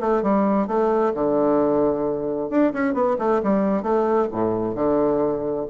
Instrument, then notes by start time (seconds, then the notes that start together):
bassoon
0.00 A3
0.23 G3
0.67 A3
1.14 D3
2.49 D4
2.73 C#4
2.93 B3
3.18 A3
3.43 G3
3.82 A3
4.32 A2
4.75 D3